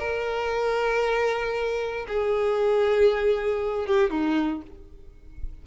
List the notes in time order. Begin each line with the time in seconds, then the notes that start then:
0.00 A#4
2.08 G#4
3.87 G4
4.11 D#4